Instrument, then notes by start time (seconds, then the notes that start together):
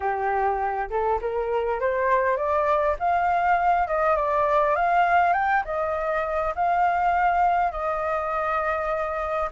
flute
0.00 G4
0.90 A4
1.21 A#4
1.80 C5
2.36 D5
2.99 F5
3.87 D#5
4.16 D5
4.75 F5
5.33 G5
5.64 D#5
6.55 F5
7.71 D#5